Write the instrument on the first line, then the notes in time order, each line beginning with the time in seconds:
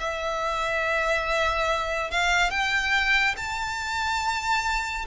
violin
0.00 E5
2.11 F5
2.51 G5
3.37 A5